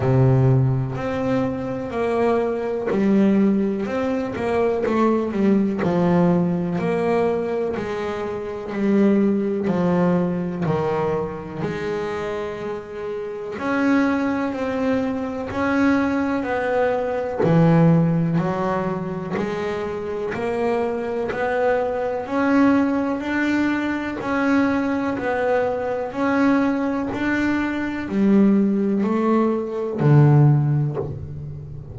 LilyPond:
\new Staff \with { instrumentName = "double bass" } { \time 4/4 \tempo 4 = 62 c4 c'4 ais4 g4 | c'8 ais8 a8 g8 f4 ais4 | gis4 g4 f4 dis4 | gis2 cis'4 c'4 |
cis'4 b4 e4 fis4 | gis4 ais4 b4 cis'4 | d'4 cis'4 b4 cis'4 | d'4 g4 a4 d4 | }